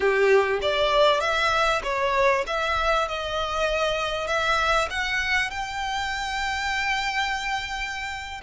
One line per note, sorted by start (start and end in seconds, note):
0.00 0.60 G4
0.61 1.20 D5
1.20 1.81 E5
1.83 2.44 C#5
2.46 3.08 E5
3.08 4.27 D#5
4.27 4.88 E5
4.90 5.50 F#5
5.50 8.41 G5